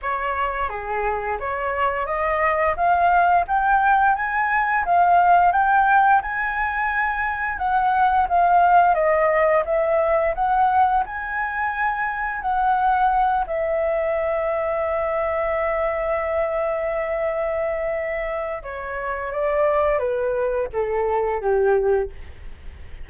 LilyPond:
\new Staff \with { instrumentName = "flute" } { \time 4/4 \tempo 4 = 87 cis''4 gis'4 cis''4 dis''4 | f''4 g''4 gis''4 f''4 | g''4 gis''2 fis''4 | f''4 dis''4 e''4 fis''4 |
gis''2 fis''4. e''8~ | e''1~ | e''2. cis''4 | d''4 b'4 a'4 g'4 | }